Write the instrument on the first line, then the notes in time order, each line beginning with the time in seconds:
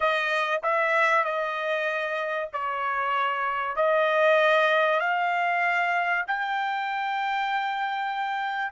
trumpet
0.00 D#5
0.62 E5
1.24 D#5
2.53 C#5
3.76 D#5
4.99 F5
6.27 G5